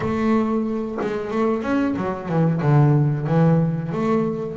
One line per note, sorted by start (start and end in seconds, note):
0.00 0.98 A3
1.01 1.30 G#3
1.30 1.62 A3
1.62 1.94 C#4
1.96 2.28 F#3
2.28 2.61 E3
2.61 3.26 D3
3.26 3.91 E3
3.91 4.56 A3